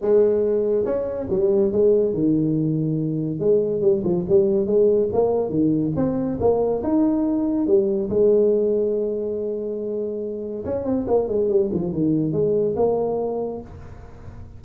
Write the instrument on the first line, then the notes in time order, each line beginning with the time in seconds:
tuba
0.01 G#3
0.85 C#4
1.29 G3
1.71 G#3
2.13 D#3
3.39 G#3
3.81 G3
4.04 F3
4.28 G3
4.66 G#3
5.12 A#3
5.49 D#3
5.96 C4
6.40 A#3
6.83 D#4
7.66 G3
8.09 G#3
10.65 C#4
10.85 C4
11.07 A#3
11.28 G#3
11.49 G3
11.72 F3
11.92 D#3
12.32 G#3
12.76 A#3